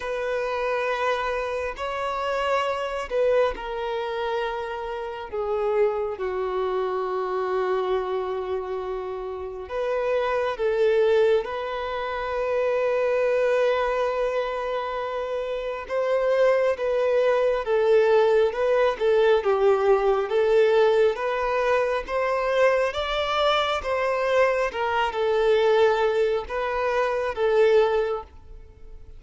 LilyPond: \new Staff \with { instrumentName = "violin" } { \time 4/4 \tempo 4 = 68 b'2 cis''4. b'8 | ais'2 gis'4 fis'4~ | fis'2. b'4 | a'4 b'2.~ |
b'2 c''4 b'4 | a'4 b'8 a'8 g'4 a'4 | b'4 c''4 d''4 c''4 | ais'8 a'4. b'4 a'4 | }